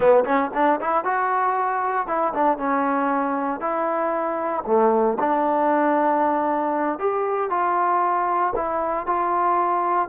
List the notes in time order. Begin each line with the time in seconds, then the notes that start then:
0.00 B3
0.24 C#4
0.54 D4
0.80 E4
1.04 F#4
2.07 E4
2.33 D4
2.58 C#4
3.60 E4
4.66 A3
5.19 D4
6.98 G4
7.50 F4
8.55 E4
9.06 F4